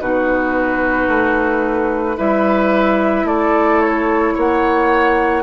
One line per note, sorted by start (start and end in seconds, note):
0.00 1.07 B2
0.00 2.16 D#4
0.00 2.17 F#4
0.00 2.18 B4
1.07 2.16 A3
2.16 3.24 G3
2.16 5.43 E4
2.16 3.26 B4
2.16 3.27 E5
3.24 4.33 A3
3.24 4.34 A4
3.24 3.81 D5
3.81 4.35 C#5
4.34 5.43 A#3
4.34 5.43 C#5
4.34 5.43 F#5